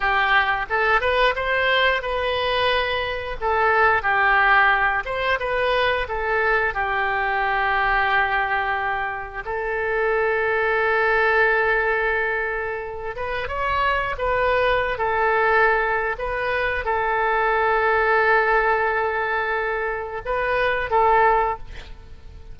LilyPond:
\new Staff \with { instrumentName = "oboe" } { \time 4/4 \tempo 4 = 89 g'4 a'8 b'8 c''4 b'4~ | b'4 a'4 g'4. c''8 | b'4 a'4 g'2~ | g'2 a'2~ |
a'2.~ a'8 b'8 | cis''4 b'4~ b'16 a'4.~ a'16 | b'4 a'2.~ | a'2 b'4 a'4 | }